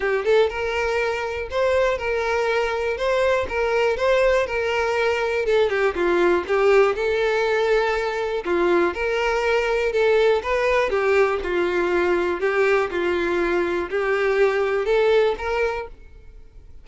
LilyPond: \new Staff \with { instrumentName = "violin" } { \time 4/4 \tempo 4 = 121 g'8 a'8 ais'2 c''4 | ais'2 c''4 ais'4 | c''4 ais'2 a'8 g'8 | f'4 g'4 a'2~ |
a'4 f'4 ais'2 | a'4 b'4 g'4 f'4~ | f'4 g'4 f'2 | g'2 a'4 ais'4 | }